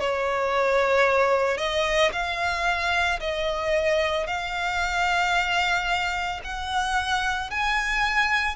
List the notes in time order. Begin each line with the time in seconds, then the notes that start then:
0.00 C#5
1.57 D#5
2.12 F5
3.20 D#5
4.27 F5
6.44 F#5
7.50 G#5